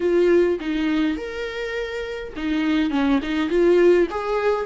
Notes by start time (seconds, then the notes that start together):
0.00 F4
0.60 D#4
1.17 A#4
2.36 D#4
2.90 C#4
3.22 D#4
3.49 F4
4.10 G#4